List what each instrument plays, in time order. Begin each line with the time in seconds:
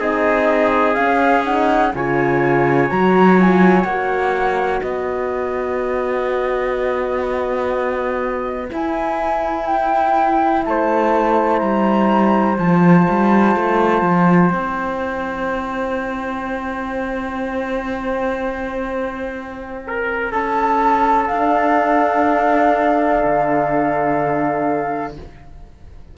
0.00 cello C4, horn D#4, trumpet G#4, flute D#5
0.95 cello C#4, horn C#4, flute F5
1.44 horn D#4, flute F#5
1.94 cello C#3, horn F4, trumpet C#5, flute G#5
2.91 cello F#3, horn F#4, flute A#5
3.39 horn F4, flute G#5
3.84 cello A#3, flute F#5
3.91 horn F#4
4.82 cello B3, trumpet B4, flute D#5
8.71 horn E4, cello E4, flute G#5
9.67 flute G5
10.66 cello A3, trumpet C5, flute A5
11.59 cello G3, flute A#5
12.58 cello F3, horn F4, flute A5
13.10 cello G3
13.56 cello A3
14.02 cello F3
14.49 cello C4, horn E4, flute G5
19.87 trumpet A#4
20.32 cello C#4, trumpet A4, flute A5
21.27 cello D4, horn D4, flute F5
23.24 cello D3